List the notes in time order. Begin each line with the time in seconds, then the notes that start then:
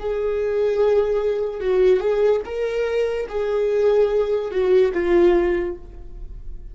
0.00 G#4
1.61 F#4
2.00 G#4
2.45 A#4
3.30 G#4
4.52 F#4
4.94 F4